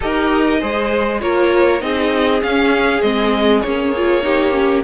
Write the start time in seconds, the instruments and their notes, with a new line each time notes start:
0.00 cello D#4, viola G4, violin A#4 D#5
0.60 cello G#3, viola G#4, violin C5
1.21 cello A#3, viola F4, violin A#4 C#5
1.80 cello C4, viola D#4, violin G#4 D#5
2.41 viola C#4, cello C#4, violin F5
3.01 cello G#3, viola C4, violin D#5
3.61 cello A#3, viola C#4, violin C#5
3.96 viola F4
4.22 viola D#4, violin G4
4.51 viola C#4